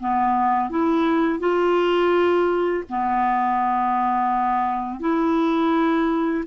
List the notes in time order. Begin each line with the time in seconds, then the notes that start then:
0.00 B3
0.69 E4
1.39 F4
2.89 B3
4.99 E4